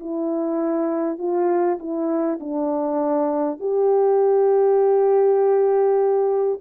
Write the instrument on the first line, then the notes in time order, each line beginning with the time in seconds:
horn
0.00 E4
1.18 F4
1.79 E4
2.39 D4
3.59 G4